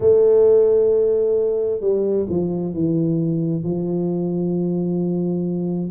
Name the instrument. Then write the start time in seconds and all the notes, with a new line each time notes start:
tuba
0.00 A3
1.80 G3
2.29 F3
2.73 E3
3.63 F3